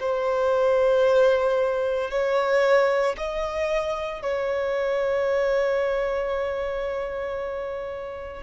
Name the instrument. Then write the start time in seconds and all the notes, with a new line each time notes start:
violin
0.00 C5
2.11 C#5
3.17 D#5
4.22 C#5